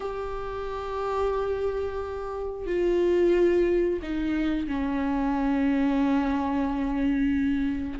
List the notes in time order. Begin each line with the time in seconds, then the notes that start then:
0.00 G4
2.66 F4
4.02 D#4
4.67 C#4